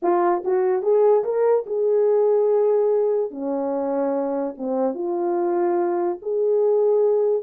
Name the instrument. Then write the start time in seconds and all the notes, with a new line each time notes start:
horn
0.02 F4
0.44 F#4
0.82 G#4
1.23 A#4
1.66 G#4
3.30 C#4
4.57 C4
4.94 F4
6.21 G#4